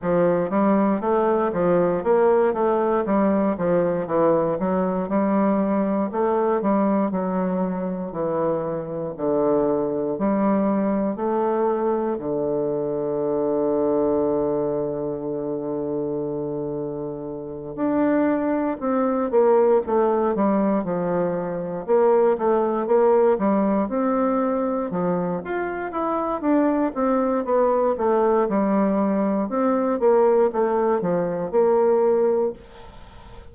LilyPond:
\new Staff \with { instrumentName = "bassoon" } { \time 4/4 \tempo 4 = 59 f8 g8 a8 f8 ais8 a8 g8 f8 | e8 fis8 g4 a8 g8 fis4 | e4 d4 g4 a4 | d1~ |
d4. d'4 c'8 ais8 a8 | g8 f4 ais8 a8 ais8 g8 c'8~ | c'8 f8 f'8 e'8 d'8 c'8 b8 a8 | g4 c'8 ais8 a8 f8 ais4 | }